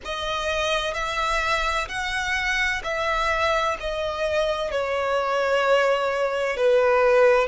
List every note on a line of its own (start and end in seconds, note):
0.04 0.94 D#5
0.94 1.87 E5
1.88 2.82 F#5
2.83 3.77 E5
3.80 4.71 D#5
4.71 6.56 C#5
6.56 7.47 B4